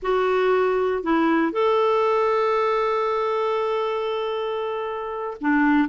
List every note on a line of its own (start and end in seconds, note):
0.02 1.03 F#4
1.03 1.52 E4
1.52 5.37 A4
5.41 5.89 D4